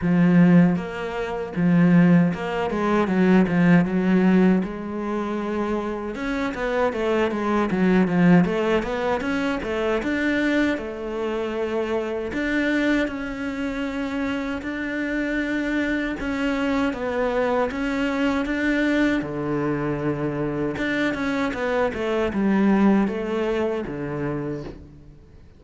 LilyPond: \new Staff \with { instrumentName = "cello" } { \time 4/4 \tempo 4 = 78 f4 ais4 f4 ais8 gis8 | fis8 f8 fis4 gis2 | cis'8 b8 a8 gis8 fis8 f8 a8 b8 | cis'8 a8 d'4 a2 |
d'4 cis'2 d'4~ | d'4 cis'4 b4 cis'4 | d'4 d2 d'8 cis'8 | b8 a8 g4 a4 d4 | }